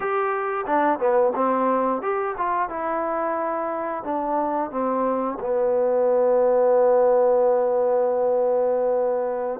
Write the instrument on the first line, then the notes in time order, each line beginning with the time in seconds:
trombone
0.00 G4
0.66 D4
0.99 B3
1.35 C4
2.02 G4
2.37 F4
2.69 E4
4.03 D4
4.70 C4
5.40 B3